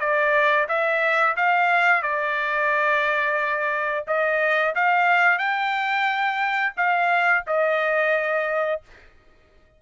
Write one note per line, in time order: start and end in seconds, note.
0.00 0.67 D5
0.69 1.36 E5
1.37 2.03 F5
2.03 4.05 D5
4.07 4.75 D#5
4.75 5.38 F5
5.38 6.73 G5
6.77 7.45 F5
7.47 8.82 D#5